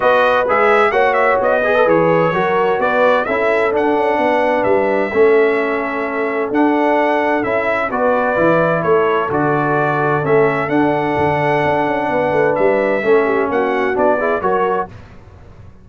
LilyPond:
<<
  \new Staff \with { instrumentName = "trumpet" } { \time 4/4 \tempo 4 = 129 dis''4 e''4 fis''8 e''8 dis''4 | cis''2 d''4 e''4 | fis''2 e''2~ | e''2 fis''2 |
e''4 d''2 cis''4 | d''2 e''4 fis''4~ | fis''2. e''4~ | e''4 fis''4 d''4 cis''4 | }
  \new Staff \with { instrumentName = "horn" } { \time 4/4 b'2 cis''4. b'8~ | b'4 ais'4 b'4 a'4~ | a'4 b'2 a'4~ | a'1~ |
a'4 b'2 a'4~ | a'1~ | a'2 b'2 | a'8 g'8 fis'4. gis'8 ais'4 | }
  \new Staff \with { instrumentName = "trombone" } { \time 4/4 fis'4 gis'4 fis'4. gis'16 a'16 | gis'4 fis'2 e'4 | d'2. cis'4~ | cis'2 d'2 |
e'4 fis'4 e'2 | fis'2 cis'4 d'4~ | d'1 | cis'2 d'8 e'8 fis'4 | }
  \new Staff \with { instrumentName = "tuba" } { \time 4/4 b4 gis4 ais4 b4 | e4 fis4 b4 cis'4 | d'8 cis'8 b4 g4 a4~ | a2 d'2 |
cis'4 b4 e4 a4 | d2 a4 d'4 | d4 d'8 cis'8 b8 a8 g4 | a4 ais4 b4 fis4 | }
>>